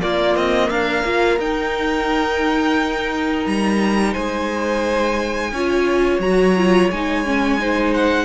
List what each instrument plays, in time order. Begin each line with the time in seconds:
0.00 viola A#3, cello A#3, violin F4 D5
0.36 cello C4, violin D#5
0.70 cello D4, violin A#4 F5
1.04 cello A#3, viola F4
1.38 cello D#4, viola D#4, violin G5
3.46 cello G3, violin A#5
4.12 cello G#3, violin C5 G#5
5.52 cello C#4, viola F4, violin C#5
6.19 cello F#3, viola F#4, violin A#5
6.57 viola F4
6.91 cello G#3, viola D#4, violin G#5
7.25 viola C#4
7.59 viola D#4, violin C5
7.94 violin F#5